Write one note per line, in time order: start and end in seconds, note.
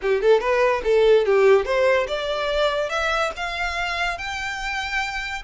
0.02 0.21 G4
0.21 0.40 A4
0.40 0.82 B4
0.84 1.25 A4
1.25 1.65 G4
1.65 2.06 C5
2.07 2.89 D5
2.89 3.31 E5
3.36 4.17 F5
4.17 5.42 G5